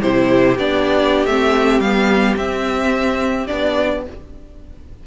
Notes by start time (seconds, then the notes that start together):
0.00 C3 E4 G4 C5
0.58 B3 D4 D5
1.26 A3 C4 E5
1.80 G3 B3 F5
2.36 C4 E5
3.47 B3 D4 D5